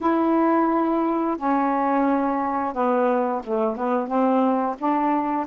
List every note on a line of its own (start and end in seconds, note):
0.01 1.37 E4
1.37 2.73 C#4
2.73 3.42 B3
3.43 3.76 A3
3.76 4.07 B3
4.07 4.75 C4
4.78 5.46 D4